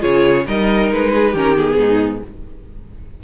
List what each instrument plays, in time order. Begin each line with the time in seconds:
0.00 cello C#3, viola F4, violin G#4 C#5
0.46 cello G3, viola D#4, violin A#4 D#5
0.91 cello G#3, violin B4
1.14 violin G#4
1.31 cello D#3, viola C#4, violin G4 A#4
1.55 viola B3, violin G#4
1.77 cello G#2, violin D#4